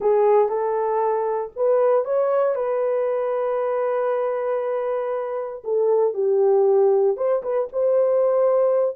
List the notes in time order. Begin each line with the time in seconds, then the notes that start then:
0.00 G#4
0.48 A4
1.56 B4
2.04 C#5
2.55 B4
5.64 A4
6.14 G4
7.17 C5
7.42 B4
7.72 C5